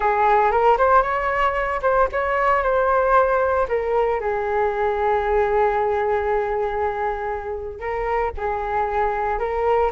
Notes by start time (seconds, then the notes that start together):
0.00 G#4
0.51 A#4
0.77 C5
1.02 C#5
1.82 C5
2.12 C#5
2.62 C5
3.68 A#4
4.20 G#4
7.79 A#4
8.37 G#4
9.39 A#4